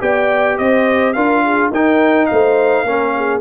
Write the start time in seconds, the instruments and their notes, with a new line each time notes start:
0.00 tuba B3, trombone G4, horn D5, trumpet G5
0.58 tuba C4, horn C5, trumpet D#5
1.13 tuba D4, trombone F4, horn A#4, trumpet F5
1.44 horn G#4
1.70 tuba D#4, trombone D#4, horn A#4, trumpet G5
2.26 tuba A3, horn C5, trumpet F5
2.83 tuba A#3, trombone C#4, horn A#4
3.16 horn G#4